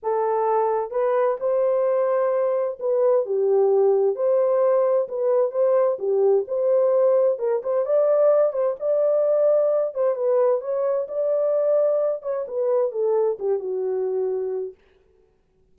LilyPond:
\new Staff \with { instrumentName = "horn" } { \time 4/4 \tempo 4 = 130 a'2 b'4 c''4~ | c''2 b'4 g'4~ | g'4 c''2 b'4 | c''4 g'4 c''2 |
ais'8 c''8 d''4. c''8 d''4~ | d''4. c''8 b'4 cis''4 | d''2~ d''8 cis''8 b'4 | a'4 g'8 fis'2~ fis'8 | }